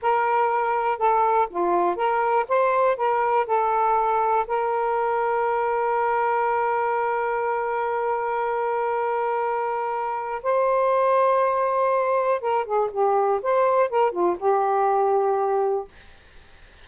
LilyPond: \new Staff \with { instrumentName = "saxophone" } { \time 4/4 \tempo 4 = 121 ais'2 a'4 f'4 | ais'4 c''4 ais'4 a'4~ | a'4 ais'2.~ | ais'1~ |
ais'1~ | ais'4 c''2.~ | c''4 ais'8 gis'8 g'4 c''4 | ais'8 f'8 g'2. | }